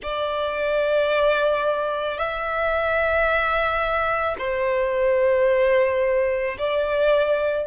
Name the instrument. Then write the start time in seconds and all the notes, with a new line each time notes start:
violin
0.02 D5
2.18 E5
4.38 C5
6.58 D5